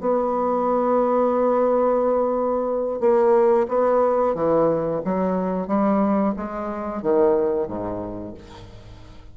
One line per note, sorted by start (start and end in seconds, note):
0.00 3.00 B3
3.00 3.67 A#3
3.68 4.35 B3
4.35 5.02 E3
5.05 5.68 F#3
5.68 6.34 G3
6.37 7.02 G#3
7.02 7.68 D#3
7.68 8.34 G#2